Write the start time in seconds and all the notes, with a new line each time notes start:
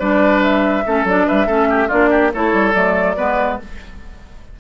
0.00 G3 D4 B4 D5
0.43 E5
0.86 A3 C#4 A4
1.05 F#3 D4 D5
1.28 G3 B4 E5
1.47 A3 C#4 A4
1.70 G4
1.88 A#3 D4 F4 D5
2.11 G4
2.34 A3 E4 A4 C#5
2.53 G3
2.74 F#3 A3 D5
3.17 G#3 B3 B4